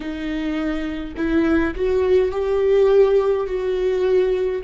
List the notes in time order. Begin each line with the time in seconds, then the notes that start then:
0.00 D#4
1.16 E4
1.75 F#4
2.31 G4
3.46 F#4